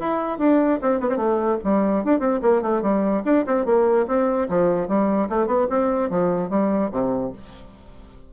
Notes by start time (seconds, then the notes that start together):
0.00 E4
0.39 D4
0.82 C4
1.01 B3
1.10 C4
1.17 A3
1.65 G3
2.05 D4
2.20 C4
2.42 A#3
2.62 A3
2.83 G3
3.25 D4
3.47 C4
3.66 A#3
4.08 C4
4.49 F3
4.88 G3
5.30 A3
5.47 B3
5.70 C4
6.10 F3
6.50 G3
6.92 C3